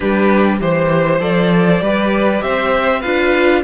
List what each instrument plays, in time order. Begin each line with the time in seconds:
0.00 cello G3, viola D4, violin G4 B4
0.60 cello E3, viola G4, violin C5
1.20 cello F3, viola A4, violin D5
1.80 cello G3, viola G4, violin B4
2.42 cello C4, violin C5 E5
3.00 cello D4, viola F4, violin B4 F5